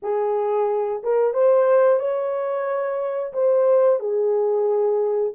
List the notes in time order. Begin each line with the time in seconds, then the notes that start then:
0.02 G#4
1.03 A#4
1.33 C5
1.99 C#5
3.33 C5
3.99 G#4